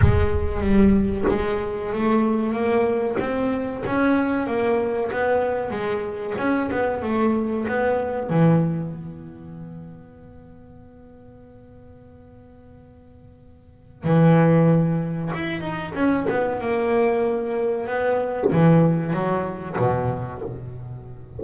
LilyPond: \new Staff \with { instrumentName = "double bass" } { \time 4/4 \tempo 4 = 94 gis4 g4 gis4 a4 | ais4 c'4 cis'4 ais4 | b4 gis4 cis'8 b8 a4 | b4 e4 b2~ |
b1~ | b2 e2 | e'8 dis'8 cis'8 b8 ais2 | b4 e4 fis4 b,4 | }